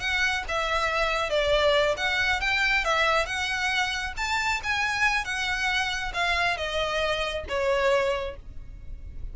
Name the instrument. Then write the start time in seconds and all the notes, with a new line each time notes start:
violin
0.00 F#5
0.48 E5
1.30 D5
1.97 F#5
2.41 G5
2.85 E5
3.26 F#5
4.17 A5
4.63 G#5
5.25 F#5
6.14 F5
6.57 D#5
7.49 C#5